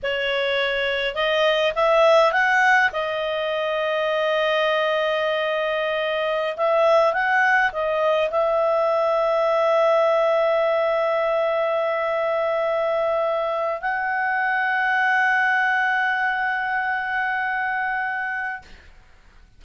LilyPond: \new Staff \with { instrumentName = "clarinet" } { \time 4/4 \tempo 4 = 103 cis''2 dis''4 e''4 | fis''4 dis''2.~ | dis''2.~ dis''16 e''8.~ | e''16 fis''4 dis''4 e''4.~ e''16~ |
e''1~ | e''2.~ e''8. fis''16~ | fis''1~ | fis''1 | }